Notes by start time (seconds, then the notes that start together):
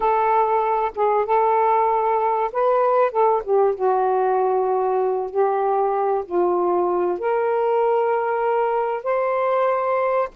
0.00 A4
0.95 G#4
1.25 A4
2.52 B4
3.11 A4
3.44 G4
3.74 F#4
5.30 G4
6.25 F4
7.18 A#4
9.03 C5